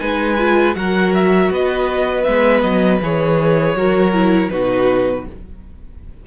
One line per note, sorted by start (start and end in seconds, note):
0.00 0.76 G#3
0.00 0.38 D#4
0.00 0.77 B4
0.00 0.75 G#5
0.39 0.75 F4
0.75 1.51 F#3
0.75 2.25 F#4
0.75 1.52 A#4
0.75 1.14 F#5
1.14 1.52 E5
1.51 2.26 B3
1.51 3.77 B4
1.51 2.24 D#5
2.24 2.63 G#3
2.24 3.01 B3
2.24 2.61 E5
2.62 3.01 F#3
2.62 2.99 D#5
3.02 3.75 E3
3.02 3.78 G#4
3.02 4.50 C#5
3.75 4.50 F#3
3.75 4.14 F#4
3.75 4.52 A#4
4.14 4.51 E4
4.50 5.27 B2
4.50 5.26 D#4
4.50 5.27 F#4
4.50 5.25 B4